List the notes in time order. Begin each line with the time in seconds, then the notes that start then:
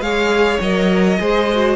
0.00 G#3 G#4 C#5 F5
0.60 F#3 A#4 D#5
1.19 G#3 G#4 C5
1.52 F#4